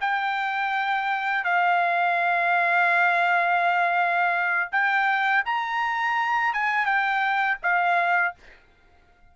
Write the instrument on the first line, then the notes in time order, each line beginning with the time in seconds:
trumpet
0.00 G5
1.44 F5
4.71 G5
5.45 A#5
6.53 G#5
6.85 G5
7.62 F5